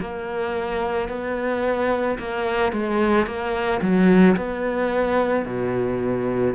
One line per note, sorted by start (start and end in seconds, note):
0.00 1.09 A#3
1.09 2.18 B3
2.19 2.73 A#3
2.73 3.27 G#3
3.27 3.81 A#3
3.82 4.36 F#3
4.36 5.45 B3
5.45 6.55 B2